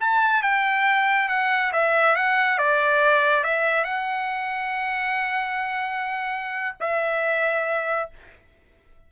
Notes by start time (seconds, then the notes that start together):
0.00 A5
0.42 G5
1.28 F#5
1.72 E5
2.15 F#5
2.58 D5
3.44 E5
3.84 F#5
6.80 E5